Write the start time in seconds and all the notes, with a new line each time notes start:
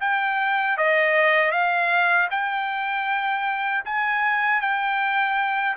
0.00 G5
0.77 D#5
1.51 F5
2.30 G5
3.85 G#5
4.60 G5